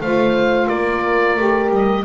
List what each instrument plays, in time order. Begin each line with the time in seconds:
0.00 double bass A3, saxophone F4, horn C5, oboe F5
0.67 double bass A#3, horn A#4, oboe D5
1.36 double bass A3, saxophone G4
1.70 double bass G3, oboe D#5